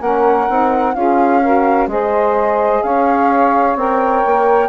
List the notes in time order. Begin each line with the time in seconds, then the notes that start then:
0.00 A#3 C#4 A#4 F#5
0.49 C4 D#4
0.94 C#4 F4 G#4 F5
1.42 F#4 A#4
1.87 G#3 G#4 C5 D#5
2.83 C#4 C#5 F5
3.76 C4 A#4 G5
4.26 A#3